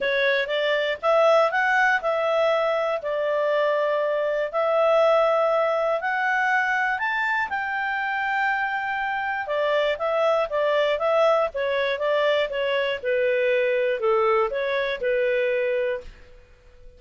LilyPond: \new Staff \with { instrumentName = "clarinet" } { \time 4/4 \tempo 4 = 120 cis''4 d''4 e''4 fis''4 | e''2 d''2~ | d''4 e''2. | fis''2 a''4 g''4~ |
g''2. d''4 | e''4 d''4 e''4 cis''4 | d''4 cis''4 b'2 | a'4 cis''4 b'2 | }